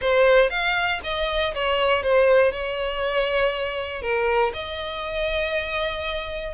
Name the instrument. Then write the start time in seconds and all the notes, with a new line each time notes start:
violin
0.01 C5
0.50 F5
1.03 D#5
1.54 C#5
2.03 C5
2.52 C#5
4.02 A#4
4.53 D#5